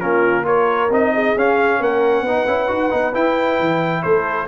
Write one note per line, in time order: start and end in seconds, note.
0.00 0.90 A#3
0.00 0.44 C#4
0.00 0.45 F4
0.00 0.45 A#4
0.44 0.88 F4
0.44 1.12 A#4
0.44 0.91 C#5
0.90 1.35 C4
0.90 1.36 D#4
0.90 1.38 D#5
1.14 1.80 G#4
1.35 1.79 C#4
1.35 2.26 C#4
1.35 1.82 F5
1.79 2.21 A#3
1.79 2.24 A#4
1.79 3.14 F#5
2.21 2.43 B3
2.21 2.47 D#4
2.21 4.03 B4
2.47 2.69 C#4
2.47 2.68 E4
2.68 2.91 D#4
2.68 2.90 F#4
2.90 3.15 B3
2.90 3.12 D#4
3.14 4.48 E4
3.14 3.59 E4
3.14 4.02 G5
3.59 4.04 E3
4.02 4.48 A3
4.02 4.48 A4
4.02 4.47 C5